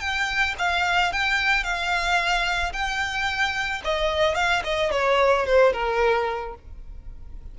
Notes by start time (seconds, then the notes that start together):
0.00 G5
0.59 F5
1.12 G5
1.63 F5
2.73 G5
3.84 D#5
4.35 F5
4.64 D#5
4.91 C#5
5.46 C5
5.73 A#4